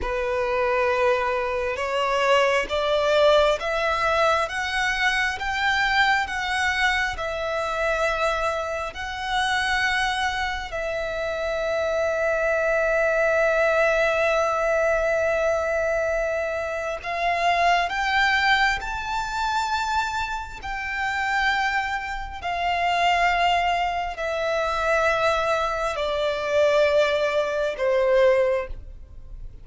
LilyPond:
\new Staff \with { instrumentName = "violin" } { \time 4/4 \tempo 4 = 67 b'2 cis''4 d''4 | e''4 fis''4 g''4 fis''4 | e''2 fis''2 | e''1~ |
e''2. f''4 | g''4 a''2 g''4~ | g''4 f''2 e''4~ | e''4 d''2 c''4 | }